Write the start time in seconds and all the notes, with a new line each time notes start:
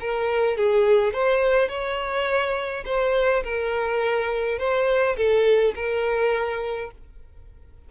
0.00 A#4
0.57 G#4
1.13 C5
1.69 C#5
2.86 C5
3.44 A#4
4.59 C5
5.16 A4
5.75 A#4